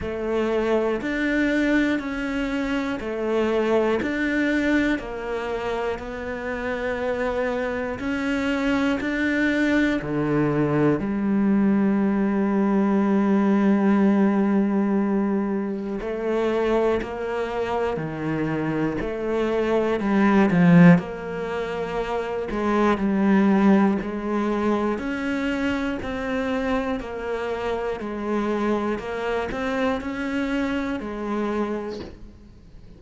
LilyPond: \new Staff \with { instrumentName = "cello" } { \time 4/4 \tempo 4 = 60 a4 d'4 cis'4 a4 | d'4 ais4 b2 | cis'4 d'4 d4 g4~ | g1 |
a4 ais4 dis4 a4 | g8 f8 ais4. gis8 g4 | gis4 cis'4 c'4 ais4 | gis4 ais8 c'8 cis'4 gis4 | }